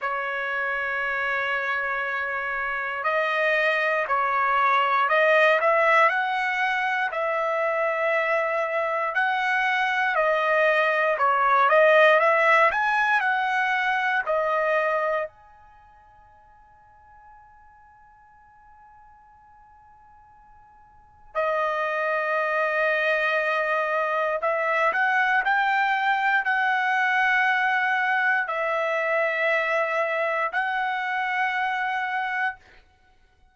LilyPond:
\new Staff \with { instrumentName = "trumpet" } { \time 4/4 \tempo 4 = 59 cis''2. dis''4 | cis''4 dis''8 e''8 fis''4 e''4~ | e''4 fis''4 dis''4 cis''8 dis''8 | e''8 gis''8 fis''4 dis''4 gis''4~ |
gis''1~ | gis''4 dis''2. | e''8 fis''8 g''4 fis''2 | e''2 fis''2 | }